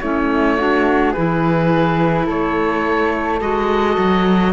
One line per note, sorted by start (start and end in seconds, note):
0.00 1.15 A3
0.00 0.59 C#4
0.00 0.58 E4
0.00 1.13 C#5
0.58 1.15 D4
0.58 1.12 F#4
1.12 2.29 E3
1.12 3.41 E4
1.12 2.25 G#4
1.12 2.27 B4
2.25 3.41 A3
2.25 4.52 A4
2.25 3.41 C#5
3.41 3.97 G#3
3.41 4.53 F#4
3.41 4.53 D#5
3.98 4.53 F#3